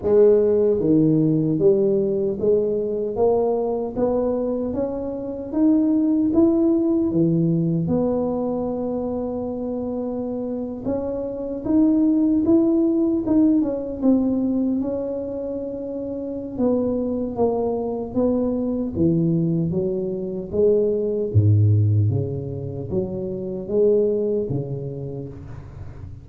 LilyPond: \new Staff \with { instrumentName = "tuba" } { \time 4/4 \tempo 4 = 76 gis4 dis4 g4 gis4 | ais4 b4 cis'4 dis'4 | e'4 e4 b2~ | b4.~ b16 cis'4 dis'4 e'16~ |
e'8. dis'8 cis'8 c'4 cis'4~ cis'16~ | cis'4 b4 ais4 b4 | e4 fis4 gis4 gis,4 | cis4 fis4 gis4 cis4 | }